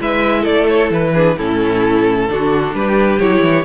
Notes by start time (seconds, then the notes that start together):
0.00 G#3 E4 B4 E5
0.41 A3 A4 D5
0.68 C#5
0.91 E3 B4
1.14 D4 G#4
1.38 A2 C#4 E4 A4
2.29 D3 D4 F#4
2.74 G3 G4 B4
3.20 F#3 E4 C#5
3.42 E3